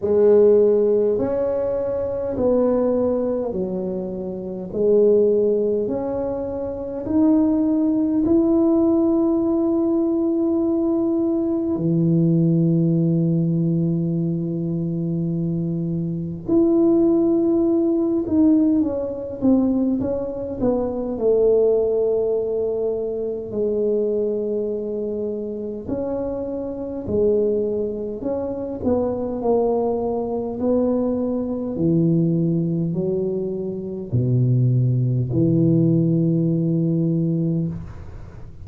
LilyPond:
\new Staff \with { instrumentName = "tuba" } { \time 4/4 \tempo 4 = 51 gis4 cis'4 b4 fis4 | gis4 cis'4 dis'4 e'4~ | e'2 e2~ | e2 e'4. dis'8 |
cis'8 c'8 cis'8 b8 a2 | gis2 cis'4 gis4 | cis'8 b8 ais4 b4 e4 | fis4 b,4 e2 | }